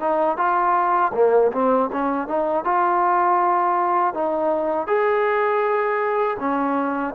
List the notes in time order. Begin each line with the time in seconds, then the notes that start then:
0.00 D#4
0.37 F4
1.14 A#3
1.52 C4
1.93 C#4
2.27 D#4
2.64 F4
4.14 D#4
4.87 G#4
6.40 C#4